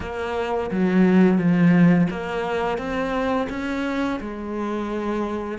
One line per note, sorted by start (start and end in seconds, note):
0.00 0.70 A#3
0.70 1.38 F#3
1.38 2.07 F3
2.10 2.77 A#3
2.77 3.47 C4
3.49 4.19 C#4
4.20 5.58 G#3